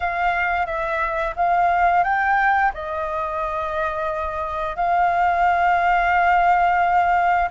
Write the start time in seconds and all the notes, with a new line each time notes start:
0.00 F5
0.66 E5
1.35 F5
2.03 G5
2.74 D#5
4.75 F5